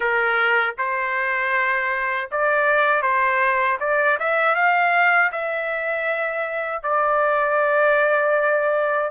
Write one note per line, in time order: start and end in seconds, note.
0.00 0.74 A#4
0.78 2.30 C5
2.31 3.02 D5
3.02 3.78 C5
3.79 4.17 D5
4.19 4.55 E5
4.55 5.31 F5
5.32 6.83 E5
6.83 9.10 D5